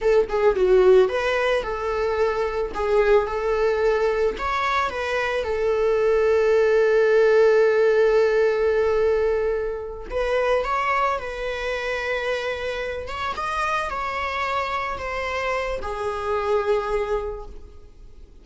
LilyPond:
\new Staff \with { instrumentName = "viola" } { \time 4/4 \tempo 4 = 110 a'8 gis'8 fis'4 b'4 a'4~ | a'4 gis'4 a'2 | cis''4 b'4 a'2~ | a'1~ |
a'2~ a'8 b'4 cis''8~ | cis''8 b'2.~ b'8 | cis''8 dis''4 cis''2 c''8~ | c''4 gis'2. | }